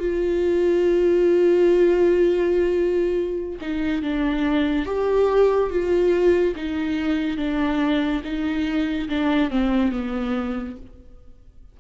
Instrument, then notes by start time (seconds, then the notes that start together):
viola
0.00 F4
3.61 D#4
4.03 D4
4.86 G4
5.70 F4
6.56 D#4
7.38 D4
8.24 D#4
9.09 D4
9.51 C4
9.92 B3